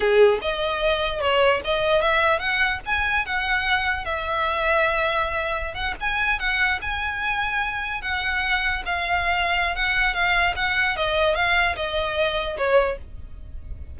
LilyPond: \new Staff \with { instrumentName = "violin" } { \time 4/4 \tempo 4 = 148 gis'4 dis''2 cis''4 | dis''4 e''4 fis''4 gis''4 | fis''2 e''2~ | e''2~ e''16 fis''8 gis''4 fis''16~ |
fis''8. gis''2. fis''16~ | fis''4.~ fis''16 f''2~ f''16 | fis''4 f''4 fis''4 dis''4 | f''4 dis''2 cis''4 | }